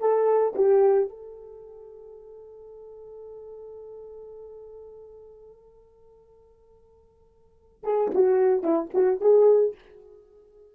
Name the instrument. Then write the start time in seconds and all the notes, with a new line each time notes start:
horn
0.00 A4
0.56 G4
1.10 A4
7.84 G#4
8.15 F#4
8.63 E4
8.95 F#4
9.21 G#4